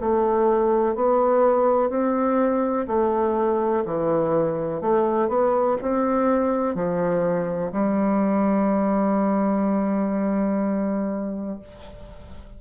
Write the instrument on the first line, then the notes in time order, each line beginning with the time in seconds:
bassoon
0.00 A3
0.95 B3
1.90 C4
2.87 A3
3.85 E3
4.81 A3
5.28 B3
5.82 C4
6.75 F3
7.72 G3